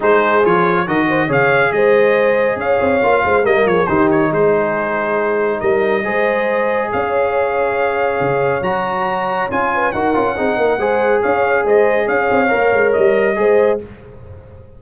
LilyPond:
<<
  \new Staff \with { instrumentName = "trumpet" } { \time 4/4 \tempo 4 = 139 c''4 cis''4 dis''4 f''4 | dis''2 f''2 | dis''8 cis''8 c''8 cis''8 c''2~ | c''4 dis''2. |
f''1 | ais''2 gis''4 fis''4~ | fis''2 f''4 dis''4 | f''2 dis''2 | }
  \new Staff \with { instrumentName = "horn" } { \time 4/4 gis'2 ais'8 c''8 cis''4 | c''2 cis''4. c''8 | ais'8 gis'8 g'4 gis'2~ | gis'4 ais'4 c''2 |
cis''1~ | cis''2~ cis''8 b'8 ais'4 | gis'8 ais'8 c''4 cis''4 c''4 | cis''2. c''4 | }
  \new Staff \with { instrumentName = "trombone" } { \time 4/4 dis'4 f'4 fis'4 gis'4~ | gis'2. f'4 | ais4 dis'2.~ | dis'2 gis'2~ |
gis'1 | fis'2 f'4 fis'8 f'8 | dis'4 gis'2.~ | gis'4 ais'2 gis'4 | }
  \new Staff \with { instrumentName = "tuba" } { \time 4/4 gis4 f4 dis4 cis4 | gis2 cis'8 c'8 ais8 gis8 | g8 f8 dis4 gis2~ | gis4 g4 gis2 |
cis'2. cis4 | fis2 cis'4 dis'8 cis'8 | c'8 ais8 gis4 cis'4 gis4 | cis'8 c'8 ais8 gis8 g4 gis4 | }
>>